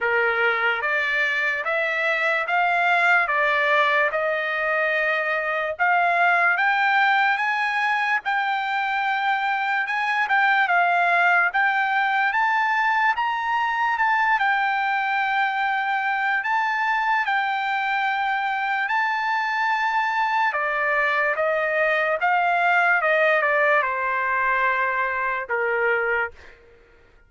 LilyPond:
\new Staff \with { instrumentName = "trumpet" } { \time 4/4 \tempo 4 = 73 ais'4 d''4 e''4 f''4 | d''4 dis''2 f''4 | g''4 gis''4 g''2 | gis''8 g''8 f''4 g''4 a''4 |
ais''4 a''8 g''2~ g''8 | a''4 g''2 a''4~ | a''4 d''4 dis''4 f''4 | dis''8 d''8 c''2 ais'4 | }